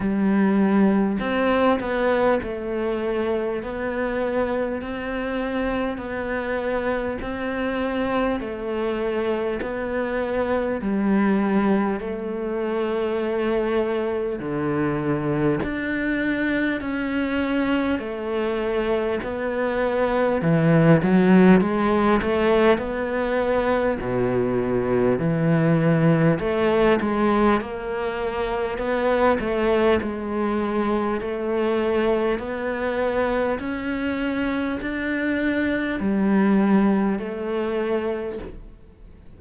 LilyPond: \new Staff \with { instrumentName = "cello" } { \time 4/4 \tempo 4 = 50 g4 c'8 b8 a4 b4 | c'4 b4 c'4 a4 | b4 g4 a2 | d4 d'4 cis'4 a4 |
b4 e8 fis8 gis8 a8 b4 | b,4 e4 a8 gis8 ais4 | b8 a8 gis4 a4 b4 | cis'4 d'4 g4 a4 | }